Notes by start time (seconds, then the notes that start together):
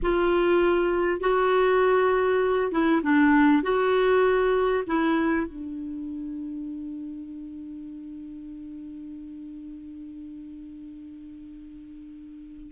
0.02 F4
1.20 F#4
2.71 E4
3.02 D4
3.62 F#4
4.87 E4
5.47 D4